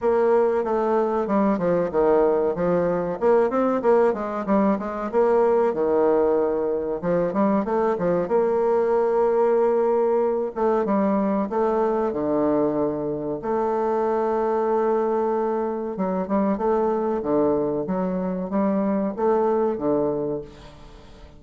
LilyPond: \new Staff \with { instrumentName = "bassoon" } { \time 4/4 \tempo 4 = 94 ais4 a4 g8 f8 dis4 | f4 ais8 c'8 ais8 gis8 g8 gis8 | ais4 dis2 f8 g8 | a8 f8 ais2.~ |
ais8 a8 g4 a4 d4~ | d4 a2.~ | a4 fis8 g8 a4 d4 | fis4 g4 a4 d4 | }